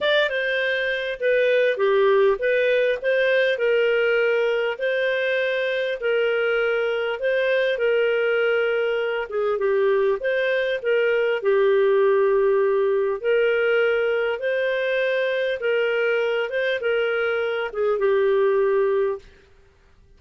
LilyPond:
\new Staff \with { instrumentName = "clarinet" } { \time 4/4 \tempo 4 = 100 d''8 c''4. b'4 g'4 | b'4 c''4 ais'2 | c''2 ais'2 | c''4 ais'2~ ais'8 gis'8 |
g'4 c''4 ais'4 g'4~ | g'2 ais'2 | c''2 ais'4. c''8 | ais'4. gis'8 g'2 | }